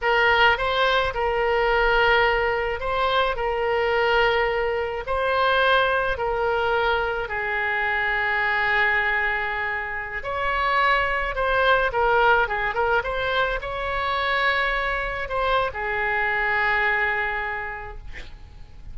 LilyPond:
\new Staff \with { instrumentName = "oboe" } { \time 4/4 \tempo 4 = 107 ais'4 c''4 ais'2~ | ais'4 c''4 ais'2~ | ais'4 c''2 ais'4~ | ais'4 gis'2.~ |
gis'2~ gis'16 cis''4.~ cis''16~ | cis''16 c''4 ais'4 gis'8 ais'8 c''8.~ | c''16 cis''2. c''8. | gis'1 | }